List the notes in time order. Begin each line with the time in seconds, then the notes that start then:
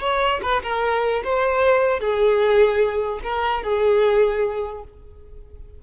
0.00 C#5
0.42 B4
0.63 A#4
1.23 C5
2.00 G#4
3.23 A#4
3.63 G#4